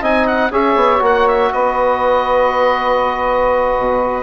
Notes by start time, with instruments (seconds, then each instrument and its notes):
0.00 bassoon C4, trombone D#4, saxophone D#5, oboe G#5
0.27 oboe F#5
0.51 bassoon C#4, trombone G#4, saxophone C#5, oboe E5
0.75 bassoon B3
0.99 bassoon A#3, trombone F#4
1.05 oboe F#5
1.27 oboe E5
1.52 bassoon B3, saxophone B4, oboe D#5
3.78 bassoon B2